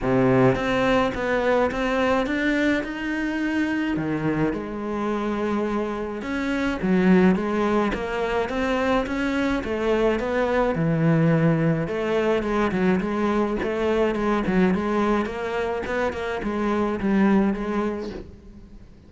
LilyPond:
\new Staff \with { instrumentName = "cello" } { \time 4/4 \tempo 4 = 106 c4 c'4 b4 c'4 | d'4 dis'2 dis4 | gis2. cis'4 | fis4 gis4 ais4 c'4 |
cis'4 a4 b4 e4~ | e4 a4 gis8 fis8 gis4 | a4 gis8 fis8 gis4 ais4 | b8 ais8 gis4 g4 gis4 | }